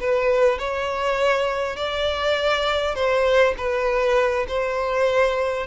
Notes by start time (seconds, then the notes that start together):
0.00 B4
0.58 C#5
1.76 D5
2.95 C5
3.57 B4
4.47 C5